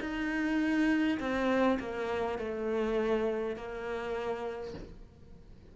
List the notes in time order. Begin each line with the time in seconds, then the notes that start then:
0.00 D#4
1.19 C4
1.79 A#3
2.38 A3
3.56 A#3